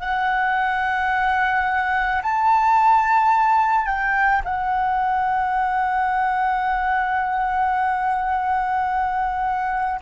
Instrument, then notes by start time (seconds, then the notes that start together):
flute
0.00 F#5
2.23 A5
3.86 G5
4.45 F#5